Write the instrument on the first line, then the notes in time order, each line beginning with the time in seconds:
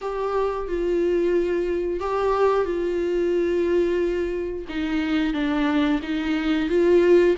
viola
0.01 G4
0.68 F4
2.00 G4
2.65 F4
4.68 D#4
5.33 D4
6.02 D#4
6.68 F4